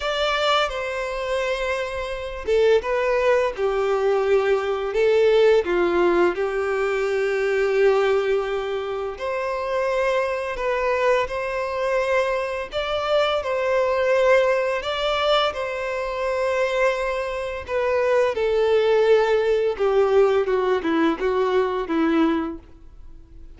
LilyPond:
\new Staff \with { instrumentName = "violin" } { \time 4/4 \tempo 4 = 85 d''4 c''2~ c''8 a'8 | b'4 g'2 a'4 | f'4 g'2.~ | g'4 c''2 b'4 |
c''2 d''4 c''4~ | c''4 d''4 c''2~ | c''4 b'4 a'2 | g'4 fis'8 e'8 fis'4 e'4 | }